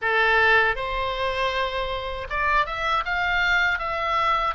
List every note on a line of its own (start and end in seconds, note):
0.01 0.75 A4
0.75 2.27 C5
2.29 2.66 D5
2.66 3.04 E5
3.05 3.78 F5
3.78 4.54 E5